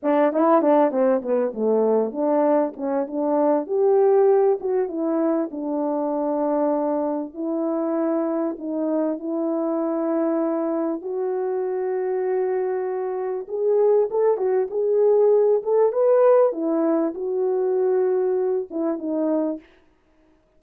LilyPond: \new Staff \with { instrumentName = "horn" } { \time 4/4 \tempo 4 = 98 d'8 e'8 d'8 c'8 b8 a4 d'8~ | d'8 cis'8 d'4 g'4. fis'8 | e'4 d'2. | e'2 dis'4 e'4~ |
e'2 fis'2~ | fis'2 gis'4 a'8 fis'8 | gis'4. a'8 b'4 e'4 | fis'2~ fis'8 e'8 dis'4 | }